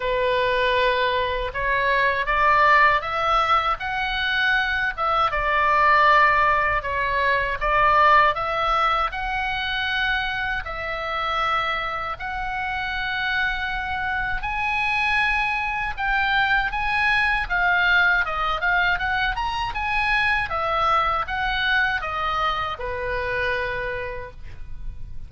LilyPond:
\new Staff \with { instrumentName = "oboe" } { \time 4/4 \tempo 4 = 79 b'2 cis''4 d''4 | e''4 fis''4. e''8 d''4~ | d''4 cis''4 d''4 e''4 | fis''2 e''2 |
fis''2. gis''4~ | gis''4 g''4 gis''4 f''4 | dis''8 f''8 fis''8 ais''8 gis''4 e''4 | fis''4 dis''4 b'2 | }